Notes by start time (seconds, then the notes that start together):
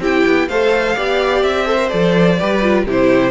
0.00 C4 E4 G4 G5
0.26 B3
0.48 A3 A4 C5 F5
0.96 B3 G4 D5
1.43 C4 E5
1.66 A4 C5
1.77 A#4
1.89 F3 A4 D5
2.39 G3 G4 B4
2.62 F4
2.86 C3 E4 G4 C5